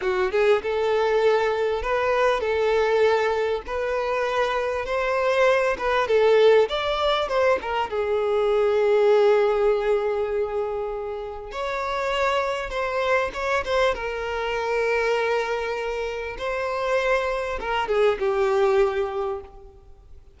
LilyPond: \new Staff \with { instrumentName = "violin" } { \time 4/4 \tempo 4 = 99 fis'8 gis'8 a'2 b'4 | a'2 b'2 | c''4. b'8 a'4 d''4 | c''8 ais'8 gis'2.~ |
gis'2. cis''4~ | cis''4 c''4 cis''8 c''8 ais'4~ | ais'2. c''4~ | c''4 ais'8 gis'8 g'2 | }